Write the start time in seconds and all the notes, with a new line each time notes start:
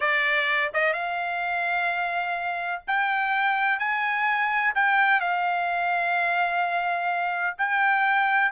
0.00 D5
0.73 D#5
0.93 F5
2.87 G5
3.79 G#5
4.74 G5
5.20 F5
7.58 G5